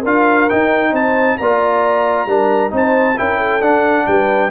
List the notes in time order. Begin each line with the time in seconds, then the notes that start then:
0.00 D4 F4 A#4 F5
0.49 D#4 G5
0.92 C4 C5 A5
1.38 A#3 F4 D5 A#5
2.26 G3 D4 A#4
2.70 C4 D#4 C5 A5
3.17 C#4 E4 A#4 G5
3.37 A4
3.61 D4 F#5
4.06 G3 B4 G5